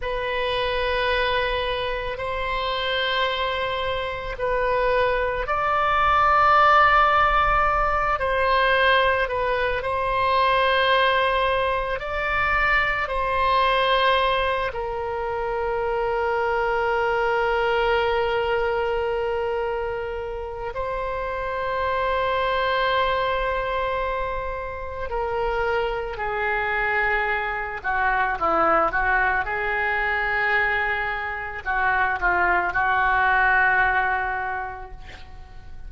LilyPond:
\new Staff \with { instrumentName = "oboe" } { \time 4/4 \tempo 4 = 55 b'2 c''2 | b'4 d''2~ d''8 c''8~ | c''8 b'8 c''2 d''4 | c''4. ais'2~ ais'8~ |
ais'2. c''4~ | c''2. ais'4 | gis'4. fis'8 e'8 fis'8 gis'4~ | gis'4 fis'8 f'8 fis'2 | }